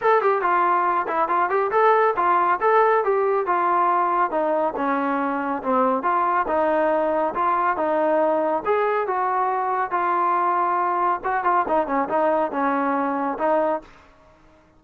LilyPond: \new Staff \with { instrumentName = "trombone" } { \time 4/4 \tempo 4 = 139 a'8 g'8 f'4. e'8 f'8 g'8 | a'4 f'4 a'4 g'4 | f'2 dis'4 cis'4~ | cis'4 c'4 f'4 dis'4~ |
dis'4 f'4 dis'2 | gis'4 fis'2 f'4~ | f'2 fis'8 f'8 dis'8 cis'8 | dis'4 cis'2 dis'4 | }